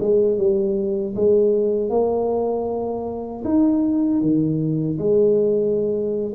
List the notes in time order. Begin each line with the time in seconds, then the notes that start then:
0.00 G#3
0.37 G3
1.15 G#3
1.90 A#3
3.44 D#4
4.21 D#3
4.98 G#3